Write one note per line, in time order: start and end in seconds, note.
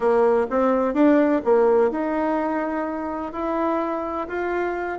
0.00 0.47 A#3
0.49 0.94 C4
0.94 1.41 D4
1.44 1.90 A#3
1.90 3.32 D#4
3.32 4.27 E4
4.27 4.98 F4